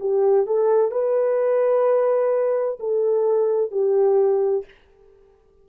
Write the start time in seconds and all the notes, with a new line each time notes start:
0.00 G4
0.46 A4
0.91 B4
2.79 A4
3.71 G4